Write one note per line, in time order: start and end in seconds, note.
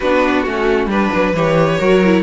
0.00 0.46 B3
0.00 0.45 D4
0.00 0.87 F#4
0.00 0.43 B4
0.43 0.86 A3
0.43 0.90 C#4
0.43 0.87 F#4
0.86 1.09 G3
0.86 1.34 D4
0.86 1.35 B4
0.86 1.79 B4
1.15 1.33 F#3
1.33 1.78 E3
1.33 1.79 G4
1.33 2.23 C#5
1.79 2.23 F#3
1.79 2.02 F#4
1.79 2.23 A#4
2.04 2.23 E4